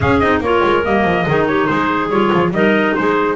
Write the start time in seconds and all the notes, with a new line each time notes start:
0.00 C#4 G#4 F5
0.19 C4 D#4 D#5
0.40 A#3 F4 A#4 C#5
0.64 G#3
0.83 G3 A#3 D#5
1.04 F3
1.26 D#3 D#4 G#4
1.47 G4 C#5
1.66 G#3 G#4 C5
2.09 G3 F4 C#5
2.33 F3
2.50 G3 D#4 A#4 D#5
2.95 G#3 G#4 C5